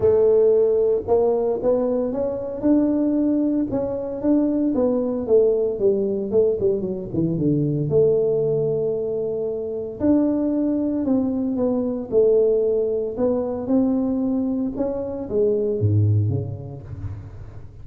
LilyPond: \new Staff \with { instrumentName = "tuba" } { \time 4/4 \tempo 4 = 114 a2 ais4 b4 | cis'4 d'2 cis'4 | d'4 b4 a4 g4 | a8 g8 fis8 e8 d4 a4~ |
a2. d'4~ | d'4 c'4 b4 a4~ | a4 b4 c'2 | cis'4 gis4 gis,4 cis4 | }